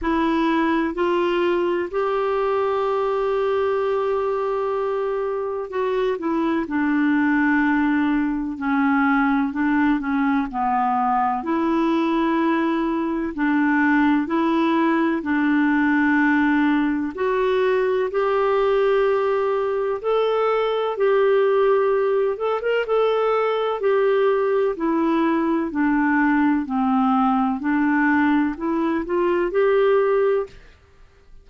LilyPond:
\new Staff \with { instrumentName = "clarinet" } { \time 4/4 \tempo 4 = 63 e'4 f'4 g'2~ | g'2 fis'8 e'8 d'4~ | d'4 cis'4 d'8 cis'8 b4 | e'2 d'4 e'4 |
d'2 fis'4 g'4~ | g'4 a'4 g'4. a'16 ais'16 | a'4 g'4 e'4 d'4 | c'4 d'4 e'8 f'8 g'4 | }